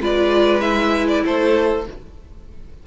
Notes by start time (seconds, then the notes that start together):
0.00 G#3 F4 B4 D5
0.60 E4 E5
1.08 D5
1.25 A3 A4 C5